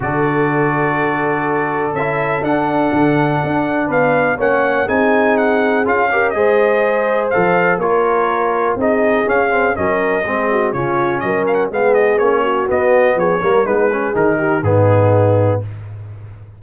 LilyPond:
<<
  \new Staff \with { instrumentName = "trumpet" } { \time 4/4 \tempo 4 = 123 d''1 | e''4 fis''2. | f''4 fis''4 gis''4 fis''4 | f''4 dis''2 f''4 |
cis''2 dis''4 f''4 | dis''2 cis''4 dis''8 f''16 fis''16 | f''8 dis''8 cis''4 dis''4 cis''4 | b'4 ais'4 gis'2 | }
  \new Staff \with { instrumentName = "horn" } { \time 4/4 a'1~ | a'1 | b'4 cis''4 gis'2~ | gis'8 ais'8 c''2. |
ais'2 gis'2 | ais'4 gis'8 fis'8 f'4 ais'4 | gis'4. fis'4. gis'8 ais'8 | dis'8 gis'4 g'8 dis'2 | }
  \new Staff \with { instrumentName = "trombone" } { \time 4/4 fis'1 | e'4 d'2.~ | d'4 cis'4 dis'2 | f'8 g'8 gis'2 a'4 |
f'2 dis'4 cis'8 c'8 | cis'4 c'4 cis'2 | b4 cis'4 b4. ais8 | b8 cis'8 dis'4 b2 | }
  \new Staff \with { instrumentName = "tuba" } { \time 4/4 d1 | cis'4 d'4 d4 d'4 | b4 ais4 c'2 | cis'4 gis2 f4 |
ais2 c'4 cis'4 | fis4 gis4 cis4 fis4 | gis4 ais4 b4 f8 g8 | gis4 dis4 gis,2 | }
>>